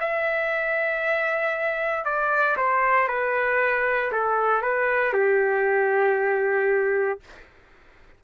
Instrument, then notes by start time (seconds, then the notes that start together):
trumpet
0.00 E5
2.05 D5
2.57 C5
3.08 B4
4.12 A4
4.62 B4
5.13 G4